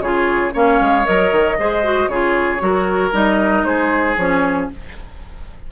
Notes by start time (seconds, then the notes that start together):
0.00 C#3 F4 G#4 C#5
0.52 A#3 C#4 C#5 F5
0.80 G#3
1.05 F#3 A#4 D#5
1.32 D#3
1.58 G#3 G#4 C5
1.83 F#4
2.08 C#3 F4 G#4 C#5
2.59 F#3 F#4 A#4
3.12 G3 D#4 D#5
3.64 G#3 G#4 C5
4.17 F3 C#4 C#5